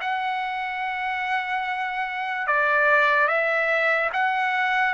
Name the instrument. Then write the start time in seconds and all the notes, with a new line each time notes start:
trumpet
0.00 F#5
2.47 D5
3.27 E5
4.12 F#5